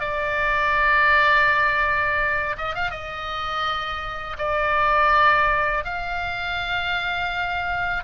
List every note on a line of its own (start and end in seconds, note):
0.00 2.56 D5
2.58 2.75 D#5
2.75 2.91 F5
2.91 4.37 D#5
4.38 5.84 D5
5.84 8.04 F5